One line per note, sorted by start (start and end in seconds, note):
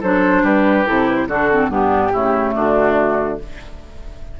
0.00 0.43 F#3
0.00 0.86 D4
0.00 0.42 A4
0.00 0.45 C5
0.43 0.85 G3
0.43 1.28 G4
0.43 0.87 B4
0.86 1.27 C3
0.86 1.28 E4
0.86 1.08 A4
1.08 1.16 B4
1.16 1.26 C5
1.27 1.68 D3
1.27 1.51 D4
1.27 1.70 F#4
1.27 1.71 A4
1.51 1.70 C4
1.68 2.10 G2
1.68 2.12 B3
1.68 2.12 D4
1.68 2.54 G4
2.12 2.55 C#3
2.12 3.39 A3
2.12 2.54 E4
2.54 3.40 D3
2.54 3.39 D4
2.54 3.39 F#4